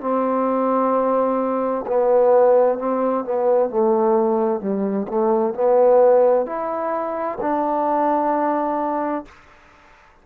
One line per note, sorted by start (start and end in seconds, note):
0.00 1.85 C4
1.87 2.78 B3
2.78 3.24 C4
3.24 3.69 B3
3.69 4.60 A3
4.60 5.06 G3
5.08 5.53 A3
5.53 6.46 B3
6.46 7.38 E4
7.41 9.25 D4